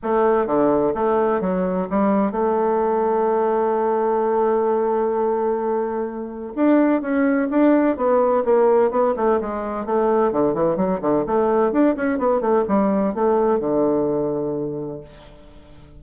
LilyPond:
\new Staff \with { instrumentName = "bassoon" } { \time 4/4 \tempo 4 = 128 a4 d4 a4 fis4 | g4 a2.~ | a1~ | a2 d'4 cis'4 |
d'4 b4 ais4 b8 a8 | gis4 a4 d8 e8 fis8 d8 | a4 d'8 cis'8 b8 a8 g4 | a4 d2. | }